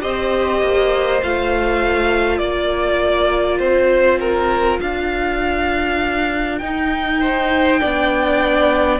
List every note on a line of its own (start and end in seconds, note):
0.00 0.61 C4
0.00 1.20 G4
0.00 2.40 C5
0.00 1.21 D#5
0.61 1.21 A#3
1.22 2.39 A3
1.22 6.62 F4
1.22 2.38 F5
2.38 3.59 A#3
2.38 7.20 A#4
2.38 3.58 D5
3.58 4.79 C4
3.58 4.18 C5
4.20 4.79 A#4
4.80 6.61 D4
4.80 6.58 F5
6.58 7.81 D#4
6.58 7.79 D#4
6.58 8.98 G5
7.20 7.80 C5
7.79 9.00 B3
7.79 8.99 D4
7.79 9.00 D5